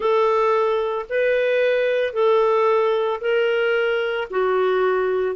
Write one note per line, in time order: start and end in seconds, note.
0.00 1.05 A4
1.09 2.13 B4
2.13 3.20 A4
3.20 4.28 A#4
4.30 5.35 F#4